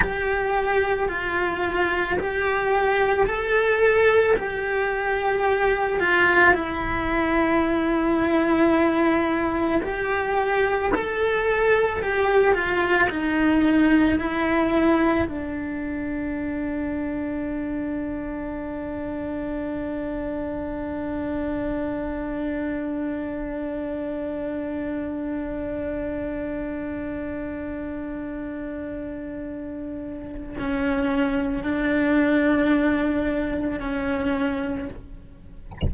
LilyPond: \new Staff \with { instrumentName = "cello" } { \time 4/4 \tempo 4 = 55 g'4 f'4 g'4 a'4 | g'4. f'8 e'2~ | e'4 g'4 a'4 g'8 f'8 | dis'4 e'4 d'2~ |
d'1~ | d'1~ | d'1 | cis'4 d'2 cis'4 | }